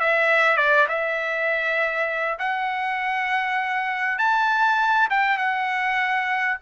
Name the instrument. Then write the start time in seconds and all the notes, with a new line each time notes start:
trumpet
0.00 E5
0.57 D5
0.88 E5
2.39 F#5
4.18 A5
5.10 G5
5.38 F#5